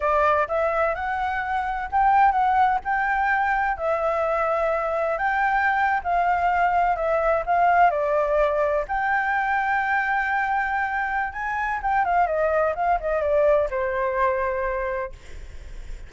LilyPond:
\new Staff \with { instrumentName = "flute" } { \time 4/4 \tempo 4 = 127 d''4 e''4 fis''2 | g''4 fis''4 g''2 | e''2. g''4~ | g''8. f''2 e''4 f''16~ |
f''8. d''2 g''4~ g''16~ | g''1 | gis''4 g''8 f''8 dis''4 f''8 dis''8 | d''4 c''2. | }